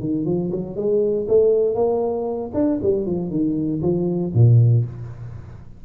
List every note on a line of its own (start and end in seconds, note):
0.00 0.25 D#3
0.25 0.51 F3
0.52 0.76 F#3
0.76 1.27 G#3
1.28 1.75 A3
1.75 2.51 A#3
2.54 2.80 D4
2.82 3.06 G3
3.06 3.31 F3
3.31 3.81 D#3
3.82 4.33 F3
4.34 4.85 A#2